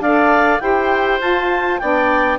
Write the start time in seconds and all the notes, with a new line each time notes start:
0.00 D4 A4 D5 F5
0.59 E4 G4 C5 G5
1.20 F4 A5
1.78 B3 D4 D5 G5